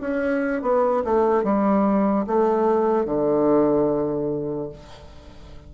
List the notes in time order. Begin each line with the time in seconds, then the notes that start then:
0.00 C#4
0.62 B3
1.04 A3
1.43 G3
2.26 A3
3.05 D3